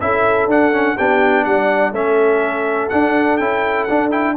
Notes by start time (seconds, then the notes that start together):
0.00 C#4 E4 A4 E5
0.46 D4 F#5
0.72 C#4
0.96 B3 D4 G4 G5
1.44 G3 D5 F#5
1.92 A3 C#4 A4 E5
2.89 D4 F#5
3.37 C#4 E4 G5
3.84 D4 F#5
4.10 E4 G5